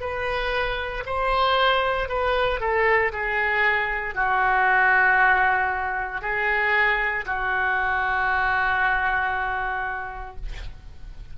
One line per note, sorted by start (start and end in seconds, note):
0.00 1.03 B4
1.05 2.08 C5
2.08 2.60 B4
2.60 3.11 A4
3.12 4.14 G#4
4.14 6.21 F#4
6.21 7.25 G#4
7.25 10.35 F#4